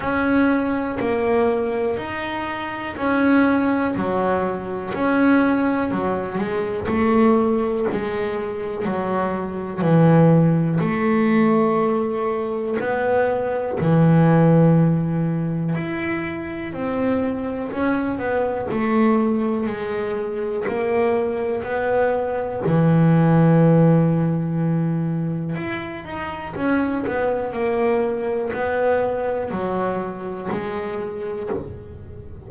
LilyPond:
\new Staff \with { instrumentName = "double bass" } { \time 4/4 \tempo 4 = 61 cis'4 ais4 dis'4 cis'4 | fis4 cis'4 fis8 gis8 a4 | gis4 fis4 e4 a4~ | a4 b4 e2 |
e'4 c'4 cis'8 b8 a4 | gis4 ais4 b4 e4~ | e2 e'8 dis'8 cis'8 b8 | ais4 b4 fis4 gis4 | }